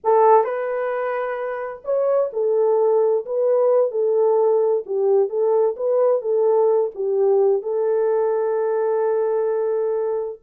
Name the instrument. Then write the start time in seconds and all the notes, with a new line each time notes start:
horn
0.04 A4
0.44 B4
1.84 C#5
2.32 A4
3.25 B4
3.91 A4
4.86 G4
5.29 A4
5.76 B4
6.21 A4
6.95 G4
7.62 A4